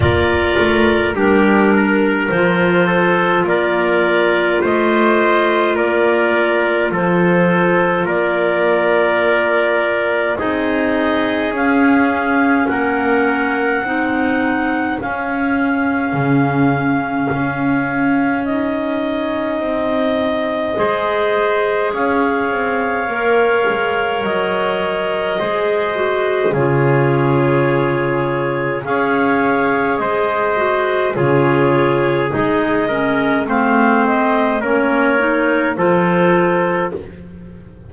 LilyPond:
<<
  \new Staff \with { instrumentName = "clarinet" } { \time 4/4 \tempo 4 = 52 d''4 ais'4 c''4 d''4 | dis''4 d''4 c''4 d''4~ | d''4 dis''4 f''4 fis''4~ | fis''4 f''2. |
dis''2. f''4~ | f''4 dis''2 cis''4~ | cis''4 f''4 dis''4 cis''4 | dis''4 f''8 dis''8 cis''4 c''4 | }
  \new Staff \with { instrumentName = "trumpet" } { \time 4/4 ais'4 g'8 ais'4 a'8 ais'4 | c''4 ais'4 a'4 ais'4~ | ais'4 gis'2 ais'4 | gis'1~ |
gis'2 c''4 cis''4~ | cis''2 c''4 gis'4~ | gis'4 cis''4 c''4 gis'4~ | gis'8 ais'8 c''4 ais'4 a'4 | }
  \new Staff \with { instrumentName = "clarinet" } { \time 4/4 f'4 d'4 f'2~ | f'1~ | f'4 dis'4 cis'2 | dis'4 cis'2. |
dis'2 gis'2 | ais'2 gis'8 fis'8 f'4~ | f'4 gis'4. fis'8 f'4 | dis'8 cis'8 c'4 cis'8 dis'8 f'4 | }
  \new Staff \with { instrumentName = "double bass" } { \time 4/4 ais8 a8 g4 f4 ais4 | a4 ais4 f4 ais4~ | ais4 c'4 cis'4 ais4 | c'4 cis'4 cis4 cis'4~ |
cis'4 c'4 gis4 cis'8 c'8 | ais8 gis8 fis4 gis4 cis4~ | cis4 cis'4 gis4 cis4 | gis4 a4 ais4 f4 | }
>>